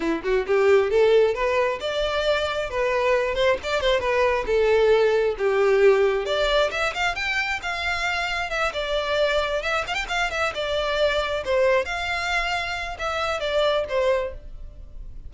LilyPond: \new Staff \with { instrumentName = "violin" } { \time 4/4 \tempo 4 = 134 e'8 fis'8 g'4 a'4 b'4 | d''2 b'4. c''8 | d''8 c''8 b'4 a'2 | g'2 d''4 e''8 f''8 |
g''4 f''2 e''8 d''8~ | d''4. e''8 f''16 g''16 f''8 e''8 d''8~ | d''4. c''4 f''4.~ | f''4 e''4 d''4 c''4 | }